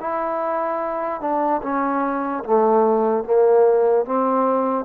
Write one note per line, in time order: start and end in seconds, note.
0.00 1.21 E4
1.21 1.61 D4
1.63 2.44 C#4
2.44 3.24 A3
3.24 4.05 A#3
4.05 4.85 C4